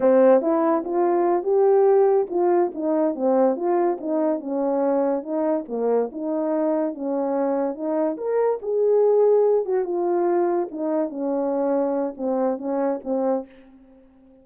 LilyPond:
\new Staff \with { instrumentName = "horn" } { \time 4/4 \tempo 4 = 143 c'4 e'4 f'4. g'8~ | g'4. f'4 dis'4 c'8~ | c'8 f'4 dis'4 cis'4.~ | cis'8 dis'4 ais4 dis'4.~ |
dis'8 cis'2 dis'4 ais'8~ | ais'8 gis'2~ gis'8 fis'8 f'8~ | f'4. dis'4 cis'4.~ | cis'4 c'4 cis'4 c'4 | }